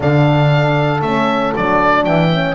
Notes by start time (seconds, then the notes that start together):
0.00 D3 D4 A4 F5
1.01 A3 C#4 E5
1.56 F#3 D4 D5
2.04 E3 E5 G5
2.31 C#4